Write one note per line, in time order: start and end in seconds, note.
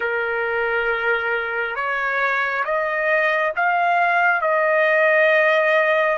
0.00 1.75 A#4
1.75 2.64 C#5
2.64 3.53 D#5
3.55 4.41 F5
4.41 6.17 D#5